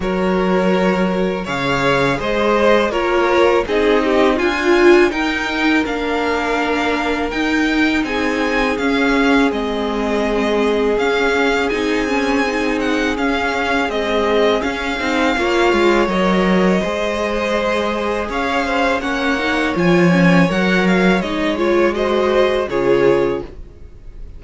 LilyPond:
<<
  \new Staff \with { instrumentName = "violin" } { \time 4/4 \tempo 4 = 82 cis''2 f''4 dis''4 | cis''4 dis''4 gis''4 g''4 | f''2 g''4 gis''4 | f''4 dis''2 f''4 |
gis''4. fis''8 f''4 dis''4 | f''2 dis''2~ | dis''4 f''4 fis''4 gis''4 | fis''8 f''8 dis''8 cis''8 dis''4 cis''4 | }
  \new Staff \with { instrumentName = "violin" } { \time 4/4 ais'2 cis''4 c''4 | ais'4 gis'8 g'8 f'4 ais'4~ | ais'2. gis'4~ | gis'1~ |
gis'1~ | gis'4 cis''2 c''4~ | c''4 cis''8 c''8 cis''2~ | cis''2 c''4 gis'4 | }
  \new Staff \with { instrumentName = "viola" } { \time 4/4 fis'2 gis'2 | f'4 dis'4 f'4 dis'4 | d'2 dis'2 | cis'4 c'2 cis'4 |
dis'8 cis'8 dis'4 cis'4 gis4 | cis'8 dis'8 f'4 ais'4 gis'4~ | gis'2 cis'8 dis'8 f'8 cis'8 | ais'4 dis'8 f'8 fis'4 f'4 | }
  \new Staff \with { instrumentName = "cello" } { \time 4/4 fis2 cis4 gis4 | ais4 c'4 d'4 dis'4 | ais2 dis'4 c'4 | cis'4 gis2 cis'4 |
c'2 cis'4 c'4 | cis'8 c'8 ais8 gis8 fis4 gis4~ | gis4 cis'4 ais4 f4 | fis4 gis2 cis4 | }
>>